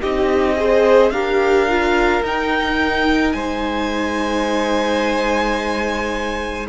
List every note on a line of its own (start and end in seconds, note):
0.00 1.10 C4
0.00 0.56 D#4
0.00 0.56 G4
0.00 1.10 D#5
0.56 1.12 G#4
0.56 1.12 C5
1.10 2.21 D4
1.10 1.68 G4
1.10 3.34 A#4
1.10 2.22 F5
1.68 2.23 F4
2.22 3.33 D#4
2.22 6.67 D#4
2.22 3.32 G5
3.32 6.66 G#3
3.32 6.68 C5
3.32 6.66 G#5